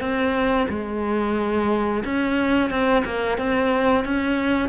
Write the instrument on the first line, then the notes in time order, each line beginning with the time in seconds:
cello
0.00 C4
0.69 G#3
2.04 C#4
2.70 C4
3.05 A#3
3.37 C4
4.04 C#4